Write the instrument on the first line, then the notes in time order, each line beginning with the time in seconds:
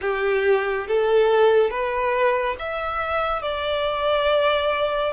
violin
0.01 G4
0.87 A4
1.70 B4
2.59 E5
3.42 D5